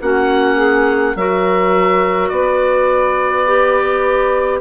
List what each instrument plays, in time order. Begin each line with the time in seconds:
0.00 bassoon A#3, clarinet C#4, saxophone F#4, oboe F#5
0.55 saxophone G#4
1.15 bassoon F#3, clarinet F#4, saxophone A#4, oboe E5
2.28 bassoon B3, saxophone B4, oboe D5
3.46 clarinet G4